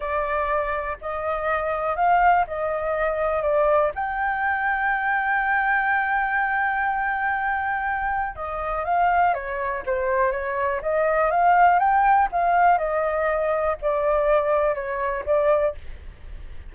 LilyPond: \new Staff \with { instrumentName = "flute" } { \time 4/4 \tempo 4 = 122 d''2 dis''2 | f''4 dis''2 d''4 | g''1~ | g''1~ |
g''4 dis''4 f''4 cis''4 | c''4 cis''4 dis''4 f''4 | g''4 f''4 dis''2 | d''2 cis''4 d''4 | }